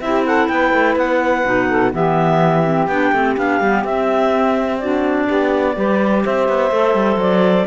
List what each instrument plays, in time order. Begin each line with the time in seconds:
0.00 cello C4, clarinet E4 E5, saxophone G4
0.26 saxophone A4, clarinet F#5
0.48 cello B3, saxophone B4, clarinet G5
0.73 cello A3
0.95 cello B3, clarinet F#5
1.45 cello B2, clarinet D#4
1.68 saxophone A4
1.92 cello E3, clarinet B3 E5, saxophone G4
2.64 clarinet C4
2.87 cello B3, clarinet D4 G5
3.12 cello A3, clarinet C4
3.37 cello B3, clarinet D4 F5
3.60 cello G3, clarinet B3
3.84 cello C4, clarinet C4 E5
4.79 clarinet D4 D5, saxophone F#4
5.25 cello B3, saxophone G4
5.76 cello G3, clarinet G4, saxophone B4
6.24 cello C4, saxophone C5, clarinet E5
6.48 cello B3
6.71 cello A3, clarinet A4
6.94 cello G3
7.16 cello F#3, clarinet D5